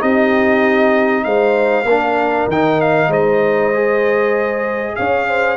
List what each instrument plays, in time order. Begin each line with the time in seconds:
0.00 tuba C4, trombone D#4, horn G4, trumpet D#5
1.24 tuba G#3, horn C5, trumpet F5
1.85 tuba A#3, trombone D4, horn A#4
2.48 tuba D#3, trombone D#4, trumpet G5
2.81 trumpet F5
3.08 tuba G#3, horn C5, trumpet D#5
3.74 trombone G#4
4.96 tuba C#4, horn C#5, trumpet F5
5.29 horn C5